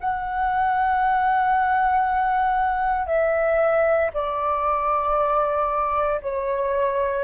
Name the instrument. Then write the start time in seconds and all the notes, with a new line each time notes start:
flute
0.00 F#5
3.07 E5
4.14 D5
6.22 C#5